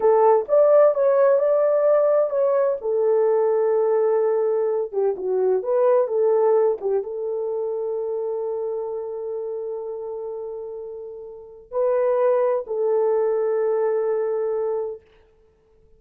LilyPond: \new Staff \with { instrumentName = "horn" } { \time 4/4 \tempo 4 = 128 a'4 d''4 cis''4 d''4~ | d''4 cis''4 a'2~ | a'2~ a'8 g'8 fis'4 | b'4 a'4. g'8 a'4~ |
a'1~ | a'1~ | a'4 b'2 a'4~ | a'1 | }